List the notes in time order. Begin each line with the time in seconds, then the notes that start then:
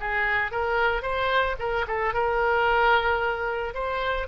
0.00 G#4
0.51 A#4
1.02 C5
1.59 A#4
1.87 A4
2.14 A#4
3.74 C5